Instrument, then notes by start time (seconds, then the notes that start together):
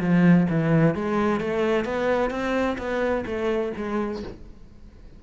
cello
0.00 F3
0.49 E3
0.94 G#3
1.40 A3
1.85 B3
2.30 C4
2.78 B3
3.26 A3
3.76 G#3